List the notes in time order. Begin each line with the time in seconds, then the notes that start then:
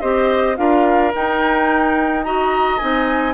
0.00 C4 G4 C5 D#5
0.56 D4 F4 A#4 F5
1.14 D#4 G5
2.23 F#4 D#5 A#5
2.78 C4 D#4 G#5